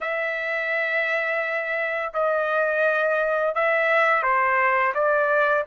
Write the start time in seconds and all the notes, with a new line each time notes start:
0.01 E5
2.13 D#5
3.55 E5
4.22 C5
4.94 D5